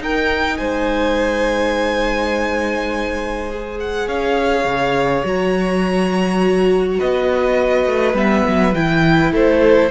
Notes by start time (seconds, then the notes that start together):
0.00 D#4 A#4 G5
0.57 G#3 C5 G#5
3.50 G#4
3.80 F#5
4.07 C#4 C#5 F5
4.65 C#3
5.23 F#3 F#4 A#5
6.98 B3 B4 D#5
7.86 A3
8.13 G3 B3 E5
8.47 F#3
8.74 E3 E4 G5
9.31 A3 A4 C5